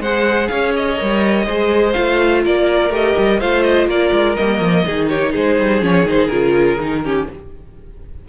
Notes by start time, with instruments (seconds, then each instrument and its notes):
0.00 cello G#3, viola G#4, violin C5 F#5
0.48 cello C#4, violin C#5 F5
0.76 violin D#5
0.98 cello G3, viola A#4
1.46 cello G#3, viola G#4, violin C5
1.93 cello A3, viola F4, violin F5
2.44 cello A#3, violin A#4 D5
2.89 cello A3, viola G4, violin D#5
3.18 cello G3
3.39 cello A3, viola F4, violin C5 F5
3.63 violin D#5
3.87 cello A#3, violin A#4 D5
4.12 cello G#3
4.35 cello G3, viola A#3, violin D#5
4.60 cello F3
4.86 cello D#3, viola D#4, violin G#4
5.09 violin G4 C#5
5.31 cello G#3, violin G#4 C5
5.60 cello G3
5.81 cello F3, viola C#4, violin C#5
6.04 cello D#3, viola D#4, violin C5
6.28 cello C#3, viola F4, violin A#4
6.79 cello D#3, viola D#4
7.04 viola C#4, violin G4